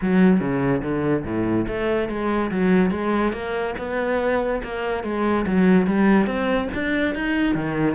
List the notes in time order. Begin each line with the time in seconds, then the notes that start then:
0.01 F#3
0.40 C#3
0.82 D3
1.24 A2
1.67 A3
2.08 G#3
2.51 F#3
2.90 G#3
3.32 A#3
3.78 B3
4.63 A#3
5.03 G#3
5.46 F#3
5.86 G3
6.26 C4
6.74 D4
7.14 D#4
7.54 D#3